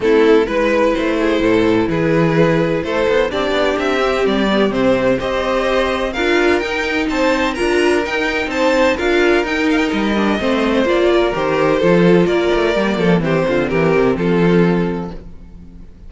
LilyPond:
<<
  \new Staff \with { instrumentName = "violin" } { \time 4/4 \tempo 4 = 127 a'4 b'4 c''2 | b'2 c''4 d''4 | e''4 d''4 c''4 dis''4~ | dis''4 f''4 g''4 a''4 |
ais''4 g''4 a''4 f''4 | g''8 f''16 g''16 dis''2 d''4 | c''2 d''2 | c''4 ais'4 a'2 | }
  \new Staff \with { instrumentName = "violin" } { \time 4/4 e'4 b'4. gis'8 a'4 | gis'2 a'4 g'4~ | g'2. c''4~ | c''4 ais'2 c''4 |
ais'2 c''4 ais'4~ | ais'2 c''4. ais'8~ | ais'4 a'4 ais'4. a'8 | g'8 f'8 g'4 f'2 | }
  \new Staff \with { instrumentName = "viola" } { \time 4/4 c'4 e'2.~ | e'2. d'4~ | d'8 c'4 b8 c'4 g'4~ | g'4 f'4 dis'2 |
f'4 dis'2 f'4 | dis'4. d'8 c'4 f'4 | g'4 f'2 ais4 | c'1 | }
  \new Staff \with { instrumentName = "cello" } { \time 4/4 a4 gis4 a4 a,4 | e2 a8 b8 c'8 b8 | c'4 g4 c4 c'4~ | c'4 d'4 dis'4 c'4 |
d'4 dis'4 c'4 d'4 | dis'4 g4 a4 ais4 | dis4 f4 ais8 a8 g8 f8 | e8 d8 e8 c8 f2 | }
>>